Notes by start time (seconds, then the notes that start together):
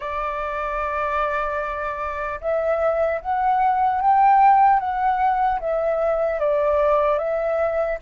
0.00 D5
2.40 E5
3.21 F#5
4.01 G5
4.79 F#5
5.60 E5
6.39 D5
7.18 E5